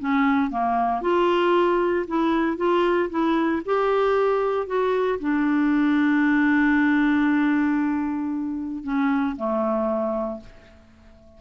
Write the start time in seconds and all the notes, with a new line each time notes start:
0.00 C#4
0.51 A#3
1.02 F4
2.08 E4
2.57 F4
3.10 E4
3.66 G4
4.67 F#4
5.20 D4
8.84 C#4
9.37 A3